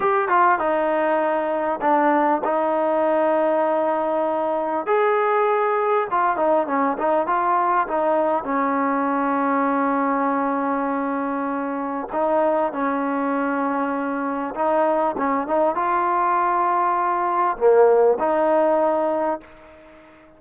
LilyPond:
\new Staff \with { instrumentName = "trombone" } { \time 4/4 \tempo 4 = 99 g'8 f'8 dis'2 d'4 | dis'1 | gis'2 f'8 dis'8 cis'8 dis'8 | f'4 dis'4 cis'2~ |
cis'1 | dis'4 cis'2. | dis'4 cis'8 dis'8 f'2~ | f'4 ais4 dis'2 | }